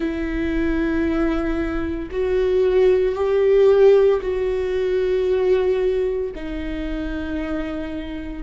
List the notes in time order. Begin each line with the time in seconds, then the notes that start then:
0.00 E4
2.11 F#4
3.15 G4
4.21 F#4
6.34 D#4